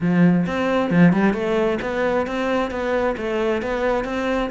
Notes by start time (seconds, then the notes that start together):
0.01 F3
0.46 C4
0.90 F3
1.12 G3
1.33 A3
1.81 B3
2.26 C4
2.70 B3
3.17 A3
3.62 B3
4.04 C4